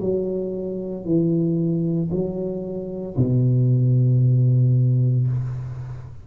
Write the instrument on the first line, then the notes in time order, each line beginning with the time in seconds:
tuba
0.00 F#3
1.05 E3
2.11 F#3
3.17 B2